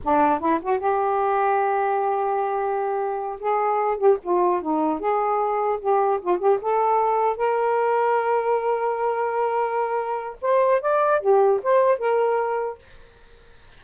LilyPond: \new Staff \with { instrumentName = "saxophone" } { \time 4/4 \tempo 4 = 150 d'4 e'8 fis'8 g'2~ | g'1~ | g'8 gis'4. g'8 f'4 dis'8~ | dis'8 gis'2 g'4 f'8 |
g'8 a'2 ais'4.~ | ais'1~ | ais'2 c''4 d''4 | g'4 c''4 ais'2 | }